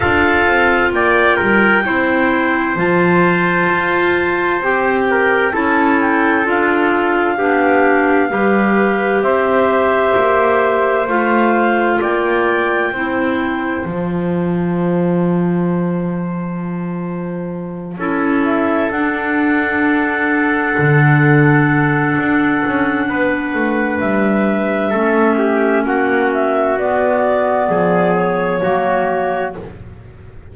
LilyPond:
<<
  \new Staff \with { instrumentName = "clarinet" } { \time 4/4 \tempo 4 = 65 f''4 g''2 a''4~ | a''4 g''4 a''8 g''8 f''4~ | f''2 e''2 | f''4 g''2 a''4~ |
a''1 | e''8 fis''2.~ fis''8~ | fis''2 e''2 | fis''8 e''8 d''4. cis''4. | }
  \new Staff \with { instrumentName = "trumpet" } { \time 4/4 a'4 d''8 ais'8 c''2~ | c''4. ais'8 a'2 | g'4 b'4 c''2~ | c''4 d''4 c''2~ |
c''2.~ c''8 a'8~ | a'1~ | a'4 b'2 a'8 g'8 | fis'2 gis'4 fis'4 | }
  \new Staff \with { instrumentName = "clarinet" } { \time 4/4 f'2 e'4 f'4~ | f'4 g'4 e'4 f'4 | d'4 g'2. | f'2 e'4 f'4~ |
f'2.~ f'8 e'8~ | e'8 d'2.~ d'8~ | d'2. cis'4~ | cis'4 b2 ais4 | }
  \new Staff \with { instrumentName = "double bass" } { \time 4/4 d'8 c'8 ais8 g8 c'4 f4 | f'4 c'4 cis'4 d'4 | b4 g4 c'4 ais4 | a4 ais4 c'4 f4~ |
f2.~ f8 cis'8~ | cis'8 d'2 d4. | d'8 cis'8 b8 a8 g4 a4 | ais4 b4 f4 fis4 | }
>>